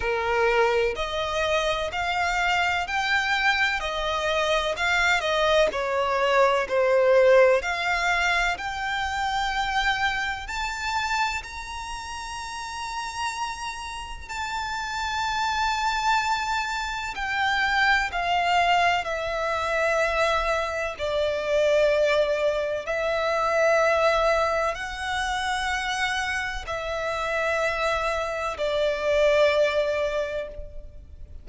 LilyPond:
\new Staff \with { instrumentName = "violin" } { \time 4/4 \tempo 4 = 63 ais'4 dis''4 f''4 g''4 | dis''4 f''8 dis''8 cis''4 c''4 | f''4 g''2 a''4 | ais''2. a''4~ |
a''2 g''4 f''4 | e''2 d''2 | e''2 fis''2 | e''2 d''2 | }